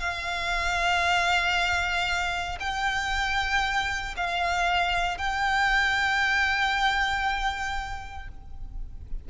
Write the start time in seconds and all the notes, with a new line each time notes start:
0.00 F5
2.60 G5
4.17 F5
5.18 G5